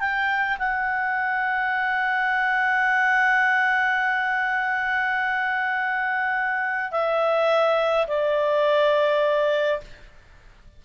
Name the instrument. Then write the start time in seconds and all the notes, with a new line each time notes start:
clarinet
0.00 G5
0.59 F#5
6.92 E5
8.08 D5